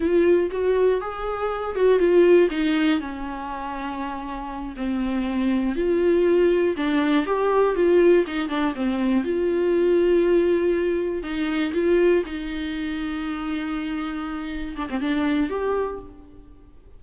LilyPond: \new Staff \with { instrumentName = "viola" } { \time 4/4 \tempo 4 = 120 f'4 fis'4 gis'4. fis'8 | f'4 dis'4 cis'2~ | cis'4. c'2 f'8~ | f'4. d'4 g'4 f'8~ |
f'8 dis'8 d'8 c'4 f'4.~ | f'2~ f'8 dis'4 f'8~ | f'8 dis'2.~ dis'8~ | dis'4. d'16 c'16 d'4 g'4 | }